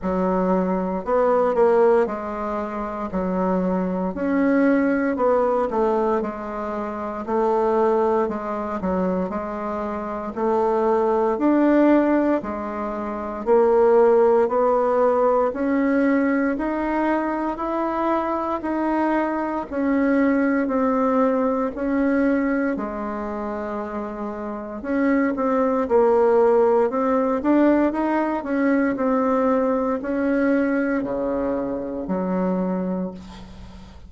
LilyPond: \new Staff \with { instrumentName = "bassoon" } { \time 4/4 \tempo 4 = 58 fis4 b8 ais8 gis4 fis4 | cis'4 b8 a8 gis4 a4 | gis8 fis8 gis4 a4 d'4 | gis4 ais4 b4 cis'4 |
dis'4 e'4 dis'4 cis'4 | c'4 cis'4 gis2 | cis'8 c'8 ais4 c'8 d'8 dis'8 cis'8 | c'4 cis'4 cis4 fis4 | }